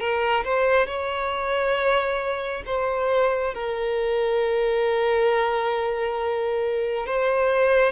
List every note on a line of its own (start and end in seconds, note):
0.00 0.44 A#4
0.45 0.87 C5
0.87 2.64 C#5
2.66 3.55 C5
3.55 7.07 A#4
7.07 7.93 C5